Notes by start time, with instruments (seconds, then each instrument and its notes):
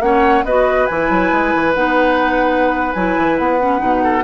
0.00 bassoon A#3, clarinet C#4, oboe C#5, flute F#5
0.44 bassoon B3, clarinet F#4, oboe B4, flute D#5
0.87 bassoon E3, clarinet E4, flute G#5
1.10 bassoon F#3
1.32 bassoon G#3
1.55 bassoon E3
1.75 bassoon B3, clarinet D#4, flute F#5
2.94 bassoon F#3, clarinet E4, flute G#5
3.18 bassoon E3
3.38 bassoon B3, flute F#5
3.60 clarinet C#4
3.78 bassoon B2, clarinet D#4
4.04 oboe A4